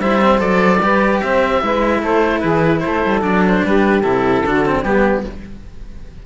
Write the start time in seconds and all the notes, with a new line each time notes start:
0.00 G3 E4 C5 E5
0.21 C4
0.38 F#3 A4 D5
0.81 G3 G4 B4
1.21 C4 C5 E5
1.61 G#3 E4 B4
1.99 A3 A4 C5
2.40 E3 G#4 B4
2.80 A3 A4 C5
3.06 G3
3.21 F#3 D4 D5
3.47 C5
3.64 G3 G4 B4
4.03 C3 E4 A4
4.44 D3 D4 F#4
4.65 C4
4.83 G3 B3 G4